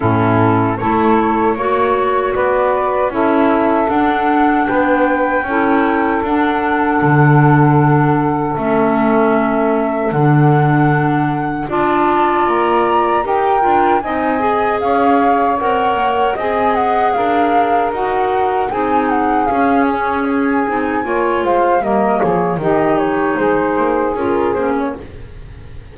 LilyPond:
<<
  \new Staff \with { instrumentName = "flute" } { \time 4/4 \tempo 4 = 77 a'4 cis''2 d''4 | e''4 fis''4 g''2 | fis''2. e''4~ | e''4 fis''2 a''4 |
ais''4 g''4 gis''4 f''4 | fis''4 gis''8 fis''8 f''4 fis''4 | gis''8 fis''8 f''8 cis''8 gis''4. f''8 | dis''8 cis''8 dis''8 cis''8 c''4 ais'8 c''16 cis''16 | }
  \new Staff \with { instrumentName = "saxophone" } { \time 4/4 e'4 a'4 cis''4 b'4 | a'2 b'4 a'4~ | a'1~ | a'2. d''4~ |
d''4 ais'4 dis''4 cis''4~ | cis''4 dis''4 ais'2 | gis'2. cis''8 c''8 | ais'8 gis'8 g'4 gis'2 | }
  \new Staff \with { instrumentName = "clarinet" } { \time 4/4 cis'4 e'4 fis'2 | e'4 d'2 e'4 | d'2. cis'4~ | cis'4 d'2 f'4~ |
f'4 g'8 f'8 dis'8 gis'4. | ais'4 gis'2 fis'4 | dis'4 cis'4. dis'8 f'4 | ais4 dis'2 f'8 cis'8 | }
  \new Staff \with { instrumentName = "double bass" } { \time 4/4 a,4 a4 ais4 b4 | cis'4 d'4 b4 cis'4 | d'4 d2 a4~ | a4 d2 d'4 |
ais4 dis'8 d'8 c'4 cis'4 | c'8 ais8 c'4 d'4 dis'4 | c'4 cis'4. c'8 ais8 gis8 | g8 f8 dis4 gis8 ais8 cis'8 ais8 | }
>>